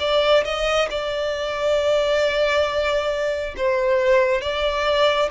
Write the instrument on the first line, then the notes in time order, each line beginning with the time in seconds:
violin
0.00 D5
0.45 D#5
0.91 D5
3.57 C5
4.42 D5